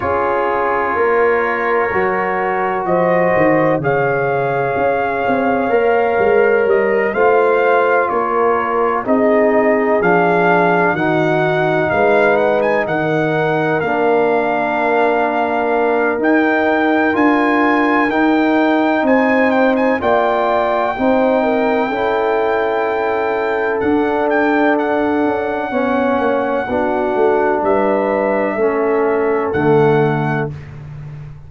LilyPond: <<
  \new Staff \with { instrumentName = "trumpet" } { \time 4/4 \tempo 4 = 63 cis''2. dis''4 | f''2. dis''8 f''8~ | f''8 cis''4 dis''4 f''4 fis''8~ | fis''8 f''8 fis''16 gis''16 fis''4 f''4.~ |
f''4 g''4 gis''4 g''4 | gis''8 g''16 gis''16 g''2.~ | g''4 fis''8 g''8 fis''2~ | fis''4 e''2 fis''4 | }
  \new Staff \with { instrumentName = "horn" } { \time 4/4 gis'4 ais'2 c''4 | cis''2.~ cis''8 c''8~ | c''8 ais'4 gis'2 fis'8~ | fis'8 b'4 ais'2~ ais'8~ |
ais'1 | c''4 d''4 c''8 ais'8 a'4~ | a'2. cis''4 | fis'4 b'4 a'2 | }
  \new Staff \with { instrumentName = "trombone" } { \time 4/4 f'2 fis'2 | gis'2 ais'4. f'8~ | f'4. dis'4 d'4 dis'8~ | dis'2~ dis'8 d'4.~ |
d'4 dis'4 f'4 dis'4~ | dis'4 f'4 dis'4 e'4~ | e'4 d'2 cis'4 | d'2 cis'4 a4 | }
  \new Staff \with { instrumentName = "tuba" } { \time 4/4 cis'4 ais4 fis4 f8 dis8 | cis4 cis'8 c'8 ais8 gis8 g8 a8~ | a8 ais4 c'4 f4 dis8~ | dis8 gis4 dis4 ais4.~ |
ais4 dis'4 d'4 dis'4 | c'4 ais4 c'4 cis'4~ | cis'4 d'4. cis'8 b8 ais8 | b8 a8 g4 a4 d4 | }
>>